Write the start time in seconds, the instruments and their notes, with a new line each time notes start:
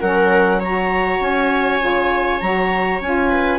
0.00 bassoon F#3, saxophone C#4, viola A#4, clarinet F#5
0.59 saxophone F#4, viola C#5, clarinet A#5
1.20 bassoon C#4, clarinet G#5
1.80 bassoon C#3, saxophone F4
2.40 bassoon F#3, saxophone F#4, clarinet A#5
3.01 bassoon C#4, saxophone F4, clarinet G#5
3.29 viola B4